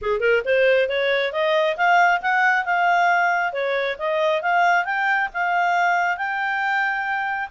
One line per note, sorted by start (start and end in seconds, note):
0.01 0.20 G#4
0.20 0.42 A#4
0.44 0.88 C5
0.88 1.32 C#5
1.32 1.76 D#5
1.76 2.21 F5
2.21 2.65 F#5
2.65 3.53 F5
3.53 3.97 C#5
3.98 4.42 D#5
4.42 4.84 F5
4.84 5.28 G5
5.33 6.17 F5
6.17 7.49 G5